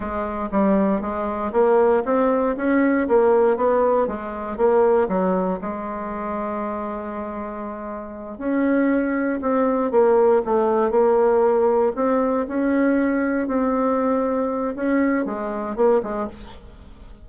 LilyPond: \new Staff \with { instrumentName = "bassoon" } { \time 4/4 \tempo 4 = 118 gis4 g4 gis4 ais4 | c'4 cis'4 ais4 b4 | gis4 ais4 fis4 gis4~ | gis1~ |
gis8 cis'2 c'4 ais8~ | ais8 a4 ais2 c'8~ | c'8 cis'2 c'4.~ | c'4 cis'4 gis4 ais8 gis8 | }